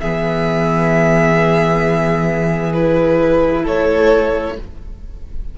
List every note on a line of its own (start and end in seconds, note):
0.00 3.66 E3
0.00 2.74 B3
0.00 3.63 G#4
0.00 2.73 E5
2.73 4.55 E4
2.73 3.64 B4
3.63 4.58 A3
3.63 4.54 A4
3.63 4.58 C#5